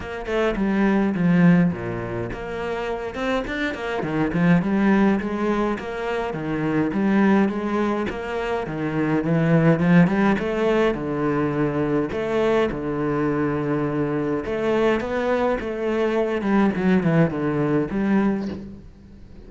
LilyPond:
\new Staff \with { instrumentName = "cello" } { \time 4/4 \tempo 4 = 104 ais8 a8 g4 f4 ais,4 | ais4. c'8 d'8 ais8 dis8 f8 | g4 gis4 ais4 dis4 | g4 gis4 ais4 dis4 |
e4 f8 g8 a4 d4~ | d4 a4 d2~ | d4 a4 b4 a4~ | a8 g8 fis8 e8 d4 g4 | }